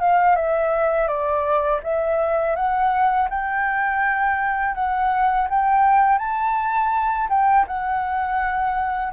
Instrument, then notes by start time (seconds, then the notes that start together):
flute
0.00 F5
0.36 E5
1.07 D5
1.83 E5
2.55 F#5
3.30 G5
4.75 F#5
5.49 G5
6.18 A5
7.29 G5
7.67 F#5